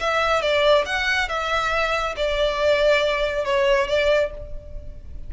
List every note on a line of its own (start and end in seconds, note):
0.00 0.41 E5
0.41 0.85 D5
0.86 1.29 F#5
1.29 2.15 E5
2.16 3.45 D5
3.45 3.87 C#5
3.87 4.30 D5